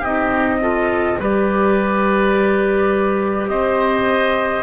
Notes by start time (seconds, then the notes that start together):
0.00 C4 D#4 G4 D#5
0.61 F4 A4
1.19 G3 G4 B4 D5
3.48 C4 C5 D#5